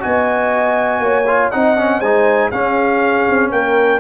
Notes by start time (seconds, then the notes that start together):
0.00 B3 F#4 D#5 G#5
1.00 A#3 C#5
1.28 F4
1.51 C4 D#4 D#5 F#5
1.77 C#4
2.00 G#3 D#4 C5 G#5
2.52 C#4 G#4 F5
3.30 C4
3.52 A#3 A#4 G5